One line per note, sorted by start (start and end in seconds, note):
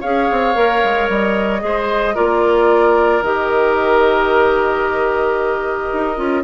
0.00 0.30 C#4
0.00 0.54 G#4
0.00 1.61 C#5
0.00 1.08 F5
0.30 0.55 C4
0.54 0.82 A#3
0.54 1.60 A#4
0.84 1.09 G#3
1.09 1.62 G3
1.09 2.15 D#5
1.60 2.16 G#3
1.60 2.13 G#4
1.60 2.15 C5
2.15 3.22 A#3
2.15 3.22 F4
2.15 6.43 A#4
2.15 3.22 D5
3.22 5.90 D#3
3.22 6.17 G4
3.22 6.44 D#5
5.92 6.18 D#4
6.17 6.44 C#4
6.17 6.43 F4